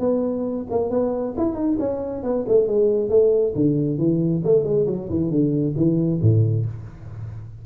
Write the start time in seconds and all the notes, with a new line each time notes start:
0.00 B3
0.71 A#3
0.90 B3
1.37 E4
1.55 D#4
1.80 C#4
2.23 B3
2.48 A3
2.68 G#3
3.10 A3
3.56 D3
3.98 E3
4.45 A3
4.64 G#3
4.87 F#3
5.10 E3
5.31 D3
5.77 E3
6.22 A2